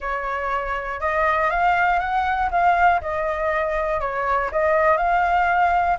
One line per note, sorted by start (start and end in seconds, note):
0.00 1.00 C#5
1.00 1.50 D#5
1.50 1.99 F5
1.99 2.49 F#5
2.50 3.00 F5
3.01 4.00 D#5
4.00 4.50 C#5
4.51 4.97 D#5
4.97 5.97 F5